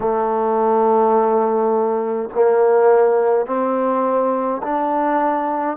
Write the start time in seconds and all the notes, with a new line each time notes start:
0.00 A3
2.34 A#3
3.46 C4
4.63 D4